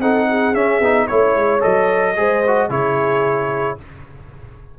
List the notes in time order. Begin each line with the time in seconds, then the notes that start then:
0.00 C4 D#4 A4 F#5
0.29 G#4
0.53 C#4 E5
0.80 B3 D#4
1.07 A3 E4 C#5
1.36 G#3
1.60 F#3 A4 D#5
2.16 G#3 G#4 C5
2.47 F#4
2.69 C#3 E4 G#4 C#5